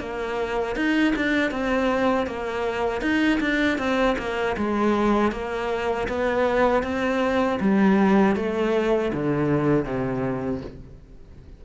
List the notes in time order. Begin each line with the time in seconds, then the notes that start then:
0.00 A#3
0.76 D#4
1.16 D4
1.51 C4
2.26 A#3
3.01 D#4
3.40 D4
3.78 C4
4.18 A#3
4.57 G#3
5.32 A#3
6.08 B3
6.83 C4
7.61 G3
8.36 A3
9.13 D3
9.85 C3